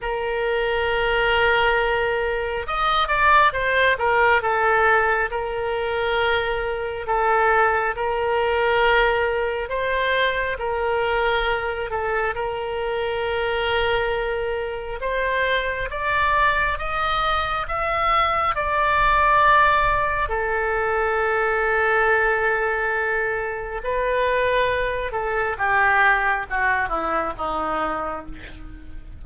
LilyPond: \new Staff \with { instrumentName = "oboe" } { \time 4/4 \tempo 4 = 68 ais'2. dis''8 d''8 | c''8 ais'8 a'4 ais'2 | a'4 ais'2 c''4 | ais'4. a'8 ais'2~ |
ais'4 c''4 d''4 dis''4 | e''4 d''2 a'4~ | a'2. b'4~ | b'8 a'8 g'4 fis'8 e'8 dis'4 | }